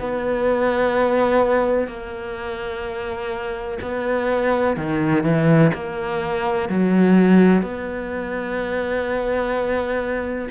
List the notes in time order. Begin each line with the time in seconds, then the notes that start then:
0.00 B3
1.88 A#3
3.82 B3
4.77 D#3
5.24 E3
5.74 A#3
6.69 F#3
7.63 B3